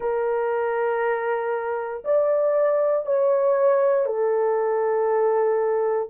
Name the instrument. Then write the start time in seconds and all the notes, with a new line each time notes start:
horn
0.00 A#4
2.04 D5
3.06 C#5
4.05 A4